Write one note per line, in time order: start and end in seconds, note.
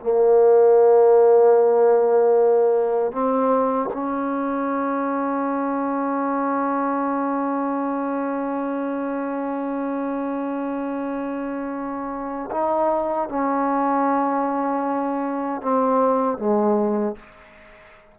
0.00 3.12 A#3
3.12 3.90 C4
3.93 12.50 C#4
12.51 13.29 D#4
13.29 15.61 C#4
15.61 16.38 C4
16.38 17.16 G#3